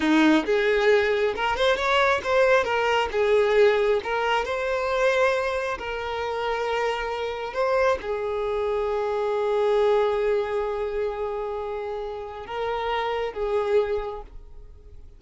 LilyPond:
\new Staff \with { instrumentName = "violin" } { \time 4/4 \tempo 4 = 135 dis'4 gis'2 ais'8 c''8 | cis''4 c''4 ais'4 gis'4~ | gis'4 ais'4 c''2~ | c''4 ais'2.~ |
ais'4 c''4 gis'2~ | gis'1~ | gis'1 | ais'2 gis'2 | }